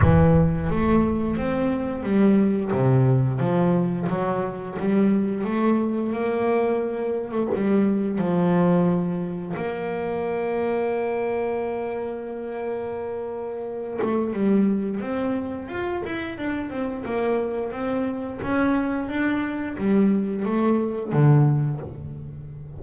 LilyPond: \new Staff \with { instrumentName = "double bass" } { \time 4/4 \tempo 4 = 88 e4 a4 c'4 g4 | c4 f4 fis4 g4 | a4 ais4.~ ais16 a16 g4 | f2 ais2~ |
ais1~ | ais8 a8 g4 c'4 f'8 e'8 | d'8 c'8 ais4 c'4 cis'4 | d'4 g4 a4 d4 | }